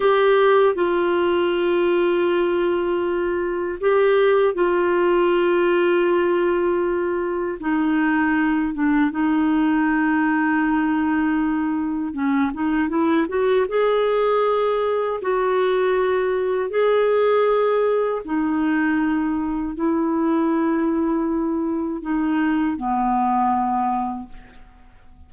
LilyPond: \new Staff \with { instrumentName = "clarinet" } { \time 4/4 \tempo 4 = 79 g'4 f'2.~ | f'4 g'4 f'2~ | f'2 dis'4. d'8 | dis'1 |
cis'8 dis'8 e'8 fis'8 gis'2 | fis'2 gis'2 | dis'2 e'2~ | e'4 dis'4 b2 | }